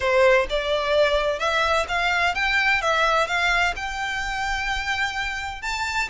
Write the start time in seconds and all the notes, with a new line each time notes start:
0.00 C5
0.49 D5
1.39 E5
1.88 F5
2.34 G5
2.81 E5
3.27 F5
3.76 G5
5.62 A5